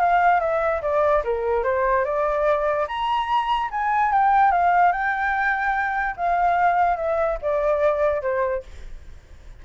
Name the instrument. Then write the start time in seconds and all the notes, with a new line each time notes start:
flute
0.00 F5
0.41 E5
0.82 D5
1.25 A#4
1.64 C5
2.05 D5
2.88 A#5
3.71 G#5
4.12 G5
4.52 F5
4.93 G5
6.17 F5
6.97 E5
7.42 D5
8.22 C5